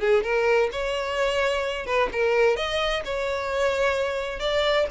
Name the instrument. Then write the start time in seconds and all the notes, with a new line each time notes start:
violin
0.00 G#4
0.23 A#4
0.72 C#5
1.86 B4
2.12 A#4
2.56 D#5
3.05 C#5
4.40 D5